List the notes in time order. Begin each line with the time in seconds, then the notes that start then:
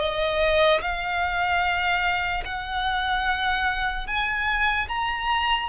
0.00 D#5
0.82 F5
2.45 F#5
4.07 G#5
4.88 A#5